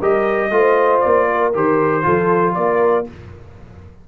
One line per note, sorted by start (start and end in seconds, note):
0.00 0.51 G3
0.00 0.52 G4
0.00 0.51 A#4
0.00 1.00 D#5
0.51 1.02 A3
0.51 1.53 F4
0.51 1.31 C5
1.00 1.55 A#3
1.00 1.51 D5
1.31 2.05 A#4
1.54 2.06 D#3
1.54 2.03 G4
1.54 2.55 C5
2.03 2.57 F3
2.03 3.05 F4
2.03 2.56 A4
2.55 3.08 A#3
2.55 3.09 A#4
2.55 3.06 D5